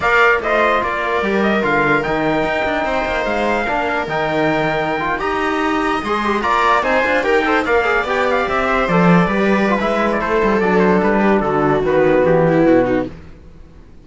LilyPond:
<<
  \new Staff \with { instrumentName = "trumpet" } { \time 4/4 \tempo 4 = 147 f''4 dis''4 d''4. dis''8 | f''4 g''2. | f''2 g''2~ | g''8. ais''2 c'''4 ais''16~ |
ais''8. gis''4 g''4 f''4 g''16~ | g''16 f''8 e''4 d''2~ d''16 | e''8. d''16 c''4 d''8 c''8 b'4 | a'4 b'4 g'4 fis'4 | }
  \new Staff \with { instrumentName = "viola" } { \time 4/4 d''4 c''4 ais'2~ | ais'2. c''4~ | c''4 ais'2.~ | ais'8. dis''2. d''16~ |
d''8. c''4 ais'8 c''8 d''4~ d''16~ | d''4~ d''16 c''4. b'4~ b'16~ | b'4 a'2~ a'8 g'8 | fis'2~ fis'8 e'4 dis'8 | }
  \new Staff \with { instrumentName = "trombone" } { \time 4/4 ais'4 f'2 g'4 | f'4 dis'2.~ | dis'4 d'4 dis'2~ | dis'16 f'8 g'2 gis'8 g'8 f'16~ |
f'8. dis'8 f'8 g'8 a'8 ais'8 gis'8 g'16~ | g'4.~ g'16 a'4 g'4 f'16 | e'2 d'2~ | d'4 b2. | }
  \new Staff \with { instrumentName = "cello" } { \time 4/4 ais4 a4 ais4 g4 | d4 dis4 dis'8 d'8 c'8 ais8 | gis4 ais4 dis2~ | dis8. dis'2 gis4 ais16~ |
ais8. c'8 d'8 dis'4 ais4 b16~ | b8. c'4 f4 g4~ g16 | gis4 a8 g8 fis4 g4 | d4 dis4 e4 b,4 | }
>>